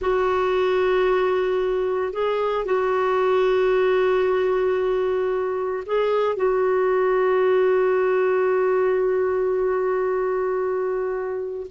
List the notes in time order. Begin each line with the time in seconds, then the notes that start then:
0.01 F#4
2.12 G#4
2.65 F#4
5.86 G#4
6.36 F#4